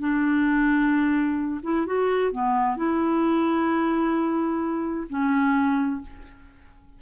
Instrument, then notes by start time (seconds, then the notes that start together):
clarinet
0.00 D4
1.63 E4
1.87 F#4
2.32 B3
2.77 E4
5.10 C#4